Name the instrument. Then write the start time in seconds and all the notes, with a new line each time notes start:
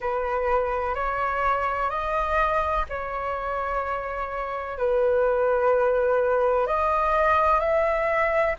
flute
0.00 B4
0.94 C#5
1.90 D#5
2.89 C#5
4.78 B4
6.67 D#5
7.59 E5